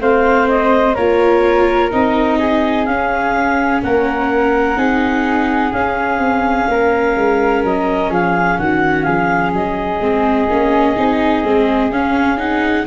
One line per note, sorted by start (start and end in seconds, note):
0.00 0.95 A3
0.00 0.96 C4
0.00 0.95 C5
0.00 0.48 F5
0.49 0.95 D#5
0.95 1.92 A#3
0.95 1.91 F4
0.95 2.38 A#4
0.95 1.90 C#5
1.91 2.87 C4
1.91 2.86 D#4
1.91 2.86 D#5
2.39 3.82 G#4
2.86 3.83 C#4
2.86 4.77 C#4
2.86 3.81 F5
3.83 4.76 A#3
3.83 4.78 A#4
3.83 5.73 F#5
4.76 5.72 C4
4.76 5.72 D#4
4.76 6.68 G#4
5.73 6.19 C#4
5.73 10.01 C#4
5.73 7.63 F5
6.19 6.67 C4
6.68 7.16 A#3
6.68 8.10 A#4
7.16 7.64 G#3
7.64 8.10 F#3
7.64 8.12 D#5
8.10 8.58 F3
8.10 8.57 G#4
8.10 8.59 F5
8.59 9.06 D#3
8.59 9.05 F#4
8.59 9.03 F#5
9.03 9.53 F3
9.03 12.86 G#4
9.03 9.50 F5
9.53 10.00 F#3
9.53 11.92 D#5
10.00 10.48 G#3
10.00 10.49 C4
10.50 10.97 A#3
10.50 10.96 C#4
10.96 11.44 C4
10.96 11.44 D#4
11.44 11.91 G#3
11.44 11.92 C4
11.91 12.86 C#4
11.91 12.37 C#4
11.91 12.39 F5
12.37 12.85 D#4
12.37 12.86 F#5